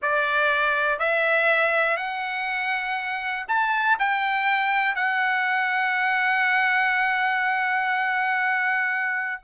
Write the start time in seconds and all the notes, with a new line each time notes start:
0.01 D5
0.99 E5
1.97 F#5
3.48 A5
3.99 G5
4.95 F#5